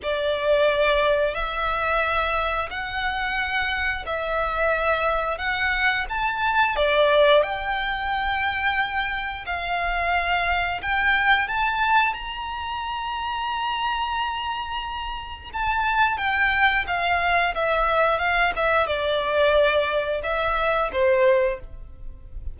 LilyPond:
\new Staff \with { instrumentName = "violin" } { \time 4/4 \tempo 4 = 89 d''2 e''2 | fis''2 e''2 | fis''4 a''4 d''4 g''4~ | g''2 f''2 |
g''4 a''4 ais''2~ | ais''2. a''4 | g''4 f''4 e''4 f''8 e''8 | d''2 e''4 c''4 | }